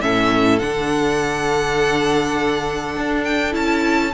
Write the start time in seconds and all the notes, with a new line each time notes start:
0.00 A2 C#4 A4 E5
0.59 D3 D4 F#5
2.97 D4
3.24 G5
3.51 C#4 E4 A5